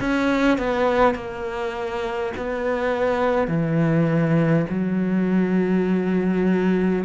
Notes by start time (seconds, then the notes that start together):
0.00 C#4
0.58 B3
1.15 A#3
2.37 B3
3.48 E3
4.70 F#3